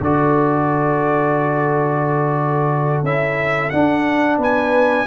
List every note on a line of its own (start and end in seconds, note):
0.00 3.02 D3
0.00 3.05 F#4
0.00 4.38 A4
0.00 3.05 D5
3.02 3.70 C#4
3.02 3.72 E4
3.02 3.70 E5
3.70 5.07 D4
3.70 4.38 D4
3.70 4.37 F#5
4.38 5.05 B3
4.38 5.06 B4
4.38 5.07 G#5